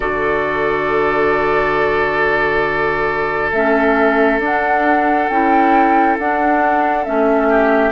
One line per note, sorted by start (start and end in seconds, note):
0.00 3.52 D3
0.00 3.51 F#4
0.00 7.47 A4
0.00 3.51 D5
3.52 4.39 A3
3.52 4.40 C#4
3.52 4.40 E5
4.39 5.27 D4
4.39 5.29 D4
4.39 5.28 F#5
5.28 6.18 C#4
5.28 6.18 E4
5.28 6.17 G5
6.18 7.06 D4
6.18 7.05 D4
6.18 7.04 F#5
7.04 7.92 A3
7.04 7.92 C#4
7.04 7.92 E5
7.49 7.92 G4